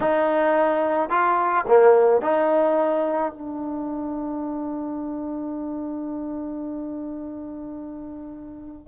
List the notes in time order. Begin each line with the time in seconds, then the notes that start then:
0.00 D#4
1.09 F4
1.67 A#3
2.21 D#4
3.32 D4